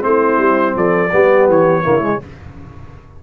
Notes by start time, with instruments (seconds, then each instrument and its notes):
0.00 tuba A3, trombone C4, horn E4, trumpet C5
0.38 tuba G3
0.76 tuba F3, horn A4, trumpet D5
1.11 tuba G3, trombone B3, horn G4
1.48 tuba E3, trumpet C#5
1.83 tuba C#3, trombone A#3, horn E4
2.01 trombone G#3